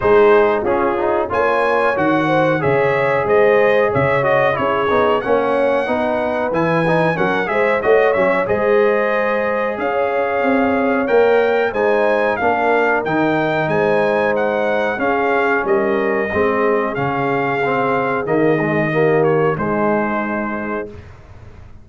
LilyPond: <<
  \new Staff \with { instrumentName = "trumpet" } { \time 4/4 \tempo 4 = 92 c''4 gis'4 gis''4 fis''4 | e''4 dis''4 e''8 dis''8 cis''4 | fis''2 gis''4 fis''8 e''8 | dis''8 e''8 dis''2 f''4~ |
f''4 g''4 gis''4 f''4 | g''4 gis''4 fis''4 f''4 | dis''2 f''2 | dis''4. cis''8 c''2 | }
  \new Staff \with { instrumentName = "horn" } { \time 4/4 gis'4 f'4 cis''4. c''8 | cis''4 c''4 cis''4 gis'4 | cis''4 b'2 ais'8 c''8 | cis''4 c''2 cis''4~ |
cis''2 c''4 ais'4~ | ais'4 c''2 gis'4 | ais'4 gis'2.~ | gis'4 g'4 dis'2 | }
  \new Staff \with { instrumentName = "trombone" } { \time 4/4 dis'4 cis'8 dis'8 f'4 fis'4 | gis'2~ gis'8 fis'8 e'8 dis'8 | cis'4 dis'4 e'8 dis'8 cis'8 gis'8 | fis'8 cis'8 gis'2.~ |
gis'4 ais'4 dis'4 d'4 | dis'2. cis'4~ | cis'4 c'4 cis'4 c'4 | ais8 gis8 ais4 gis2 | }
  \new Staff \with { instrumentName = "tuba" } { \time 4/4 gis4 cis'4 ais4 dis4 | cis4 gis4 cis4 cis'8 b8 | ais4 b4 e4 fis8 gis8 | a8 fis8 gis2 cis'4 |
c'4 ais4 gis4 ais4 | dis4 gis2 cis'4 | g4 gis4 cis2 | dis2 gis2 | }
>>